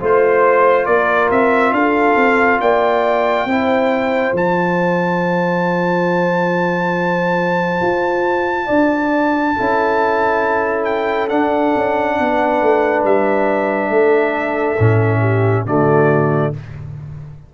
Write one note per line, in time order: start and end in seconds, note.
0.00 0.87 A3
0.00 3.48 F4
0.00 0.87 C5
0.00 0.86 C5
0.86 1.31 A#3
0.86 1.74 A#4
0.86 1.29 D5
1.31 1.72 C4
1.31 1.73 E5
1.72 2.16 D4
1.72 2.61 A4
1.72 2.60 F5
2.16 2.60 C4
2.61 3.45 A#3
2.61 3.48 D5
2.61 4.35 G5
3.45 4.32 C4
3.45 4.36 E4
3.45 8.66 C5
4.33 7.81 F3
4.33 9.57 F4
4.33 10.85 A5
7.82 8.69 F4
8.66 9.56 D4
8.66 9.53 D5
9.57 11.31 C#4
9.57 11.29 E4
9.57 12.17 A4
10.85 11.28 G5
11.29 14.77 D4
11.29 11.75 D4
11.29 13.03 F#5
11.76 12.19 C#4
12.19 12.62 B3
12.19 13.92 B4
12.62 13.04 A3
13.04 13.89 G3
13.04 15.66 E5
13.89 14.76 A3
13.89 15.20 A4
14.79 15.66 A2
14.79 15.66 C#4
15.20 15.64 G4
15.66 16.53 D3
15.66 16.53 A3
15.66 16.53 F#4
15.66 16.54 D5